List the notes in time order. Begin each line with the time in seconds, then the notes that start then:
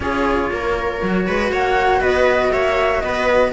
0.00 C#4 F4 G#4 C#5
0.50 A#3 A#4
1.02 F#3 F#4
1.27 G#3 B4
1.51 A#3 C#5 F#5
2.00 B3 B4 D#5
2.51 A#3 C#5 E5
3.00 B3 B4 D#5